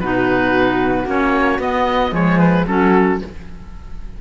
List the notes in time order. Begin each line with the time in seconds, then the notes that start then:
0.00 B2 D#4 F#4 B4
1.06 A#3 C#4 C#5
1.59 B3 D#5
2.10 F3 G#3 G#4 C#5
2.39 B4
2.66 F#3 C#4 F#4 A4